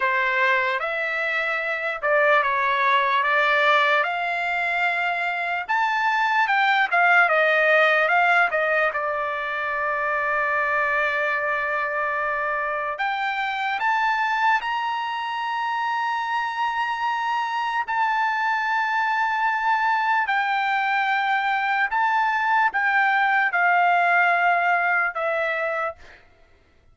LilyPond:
\new Staff \with { instrumentName = "trumpet" } { \time 4/4 \tempo 4 = 74 c''4 e''4. d''8 cis''4 | d''4 f''2 a''4 | g''8 f''8 dis''4 f''8 dis''8 d''4~ | d''1 |
g''4 a''4 ais''2~ | ais''2 a''2~ | a''4 g''2 a''4 | g''4 f''2 e''4 | }